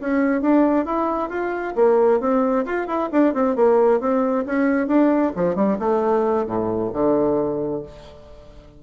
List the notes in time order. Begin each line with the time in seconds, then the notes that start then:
0.00 C#4
0.41 D4
0.85 E4
1.29 F4
1.75 A#3
2.20 C4
2.65 F4
2.87 E4
3.12 D4
3.33 C4
3.55 A#3
4.00 C4
4.45 C#4
4.87 D4
5.35 F3
5.55 G3
5.79 A3
6.46 A2
6.93 D3